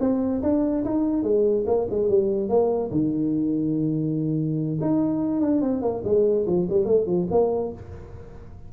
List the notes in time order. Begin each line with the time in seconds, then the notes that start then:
0.00 C4
0.43 D4
0.85 D#4
1.23 G#3
1.67 A#3
1.90 G#3
2.09 G3
2.49 A#3
2.91 D#3
4.81 D#4
5.41 D4
5.62 C4
5.82 A#3
6.04 G#3
6.47 F3
6.69 G3
6.85 A3
7.06 F3
7.31 A#3